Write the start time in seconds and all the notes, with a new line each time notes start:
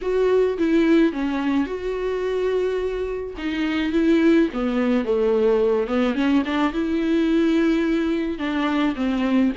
0.01 F#4
0.58 E4
1.12 C#4
1.66 F#4
3.37 D#4
3.92 E4
4.53 B3
5.04 A3
5.87 B3
6.15 C#4
6.45 D4
6.72 E4
8.38 D4
8.95 C4